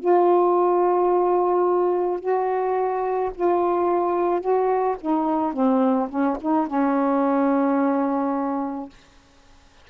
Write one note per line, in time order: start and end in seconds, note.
0.00 2.20 F4
2.20 3.31 F#4
3.35 4.41 F4
4.41 4.96 F#4
5.01 5.54 D#4
5.54 6.09 C4
6.10 6.37 C#4
6.41 6.68 D#4
6.68 8.90 C#4